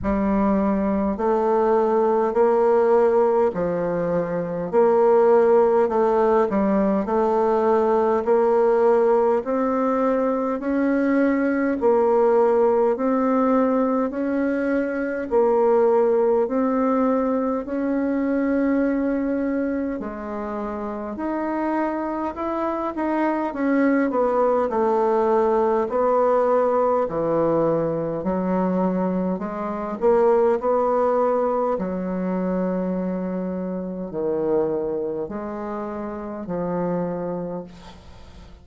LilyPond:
\new Staff \with { instrumentName = "bassoon" } { \time 4/4 \tempo 4 = 51 g4 a4 ais4 f4 | ais4 a8 g8 a4 ais4 | c'4 cis'4 ais4 c'4 | cis'4 ais4 c'4 cis'4~ |
cis'4 gis4 dis'4 e'8 dis'8 | cis'8 b8 a4 b4 e4 | fis4 gis8 ais8 b4 fis4~ | fis4 dis4 gis4 f4 | }